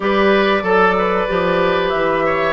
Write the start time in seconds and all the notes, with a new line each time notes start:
0.00 G3 G4 B4 D5
0.62 F#3 A4
0.98 B4
1.28 F3 G4
1.89 E3 E5
2.25 C#5